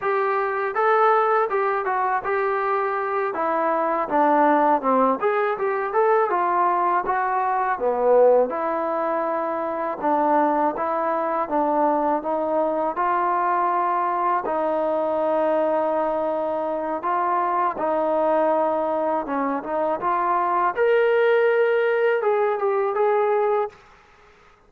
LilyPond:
\new Staff \with { instrumentName = "trombone" } { \time 4/4 \tempo 4 = 81 g'4 a'4 g'8 fis'8 g'4~ | g'8 e'4 d'4 c'8 gis'8 g'8 | a'8 f'4 fis'4 b4 e'8~ | e'4. d'4 e'4 d'8~ |
d'8 dis'4 f'2 dis'8~ | dis'2. f'4 | dis'2 cis'8 dis'8 f'4 | ais'2 gis'8 g'8 gis'4 | }